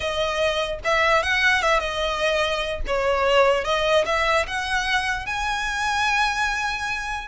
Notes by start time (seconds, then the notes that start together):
0.00 D#5
0.84 E5
1.22 F#5
1.62 E5
1.79 D#5
2.86 C#5
3.64 D#5
4.05 E5
4.47 F#5
5.26 G#5